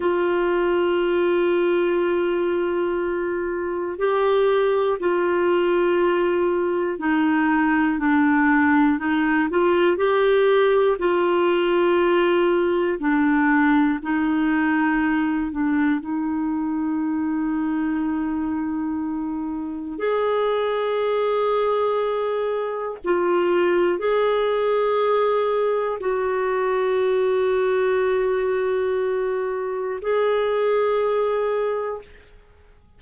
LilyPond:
\new Staff \with { instrumentName = "clarinet" } { \time 4/4 \tempo 4 = 60 f'1 | g'4 f'2 dis'4 | d'4 dis'8 f'8 g'4 f'4~ | f'4 d'4 dis'4. d'8 |
dis'1 | gis'2. f'4 | gis'2 fis'2~ | fis'2 gis'2 | }